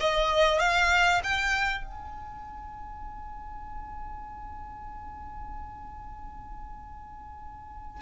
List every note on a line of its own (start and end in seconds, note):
0.00 0.59 D#5
0.59 1.21 F5
1.23 1.84 G5
1.84 8.01 G#5